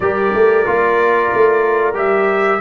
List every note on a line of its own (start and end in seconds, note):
0.00 0.33 G3
0.00 0.65 G4
0.00 2.60 A#4
0.00 1.95 D5
0.34 0.66 A3
0.65 1.32 A#3
0.65 1.93 F4
1.34 1.94 A3
1.93 2.59 G3
1.93 2.59 G4
1.93 2.60 E5